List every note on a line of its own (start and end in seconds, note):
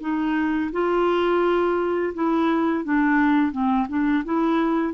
0.00 0.71 D#4
0.72 2.13 F4
2.14 2.84 E4
2.84 3.52 D4
3.52 3.87 C4
3.88 4.24 D4
4.24 4.93 E4